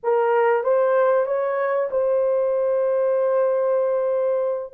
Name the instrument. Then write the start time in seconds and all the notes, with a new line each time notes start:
horn
0.03 A#4
0.63 C5
1.26 C#5
1.90 C5